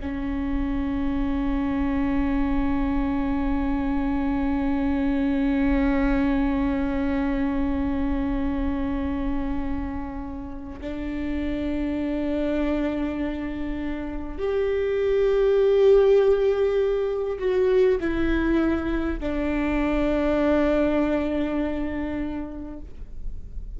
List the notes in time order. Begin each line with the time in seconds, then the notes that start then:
0.00 C#4
10.81 D4
14.38 G4
17.38 F#4
18.00 E4
19.20 D4